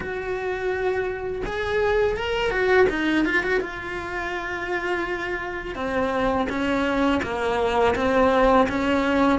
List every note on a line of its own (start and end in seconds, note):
0.00 1.42 F#4
1.45 2.16 G#4
2.16 2.50 A#4
2.50 2.87 F#4
2.89 3.25 D#4
3.25 3.43 F4
3.43 3.60 F#4
3.60 5.75 F4
5.75 6.47 C4
6.49 7.21 C#4
7.22 7.95 A#3
7.95 8.67 C4
8.68 9.39 C#4